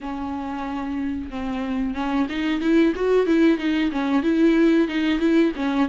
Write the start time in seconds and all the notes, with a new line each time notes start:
0.01 C#4
1.30 C4
1.94 C#4
2.29 D#4
2.60 E4
2.95 F#4
3.26 E4
3.58 D#4
3.91 C#4
4.22 E4
4.88 D#4
5.19 E4
5.56 C#4